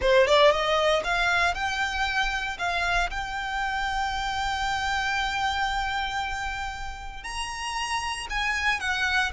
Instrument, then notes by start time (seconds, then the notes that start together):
violin
0.01 C5
0.27 D5
0.51 D#5
1.03 F5
1.54 G5
2.58 F5
3.10 G5
7.23 A#5
8.29 G#5
8.79 F#5